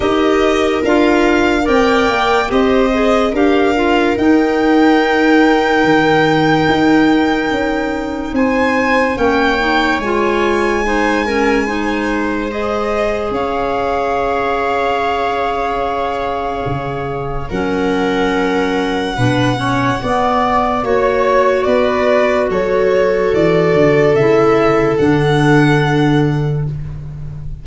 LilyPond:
<<
  \new Staff \with { instrumentName = "violin" } { \time 4/4 \tempo 4 = 72 dis''4 f''4 g''4 dis''4 | f''4 g''2.~ | g''2 gis''4 g''4 | gis''2. dis''4 |
f''1~ | f''4 fis''2.~ | fis''4 cis''4 d''4 cis''4 | d''4 e''4 fis''2 | }
  \new Staff \with { instrumentName = "viola" } { \time 4/4 ais'2 d''4 c''4 | ais'1~ | ais'2 c''4 cis''4~ | cis''4 c''8 ais'8 c''2 |
cis''1~ | cis''4 ais'2 b'8 cis''8 | d''4 cis''4 b'4 a'4~ | a'1 | }
  \new Staff \with { instrumentName = "clarinet" } { \time 4/4 g'4 f'4 ais'4 g'8 gis'8 | g'8 f'8 dis'2.~ | dis'2. cis'8 dis'8 | f'4 dis'8 cis'8 dis'4 gis'4~ |
gis'1~ | gis'4 cis'2 d'8 cis'8 | b4 fis'2.~ | fis'4 e'4 d'2 | }
  \new Staff \with { instrumentName = "tuba" } { \time 4/4 dis'4 d'4 c'8 ais8 c'4 | d'4 dis'2 dis4 | dis'4 cis'4 c'4 ais4 | gis1 |
cis'1 | cis4 fis2 b,4 | b4 ais4 b4 fis4 | e8 d8 cis4 d2 | }
>>